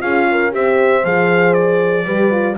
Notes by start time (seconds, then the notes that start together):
0.00 C#4 F4 G#4 F5
0.32 A#4
0.51 C4 G4 C5 E5
1.04 F3 G#4 F5
1.54 D5
2.05 G3 G4 B4
2.31 F4